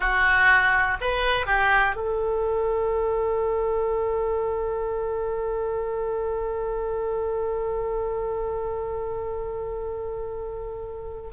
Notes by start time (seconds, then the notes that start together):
0.00 F#4
1.00 B4
1.46 G4
1.95 A4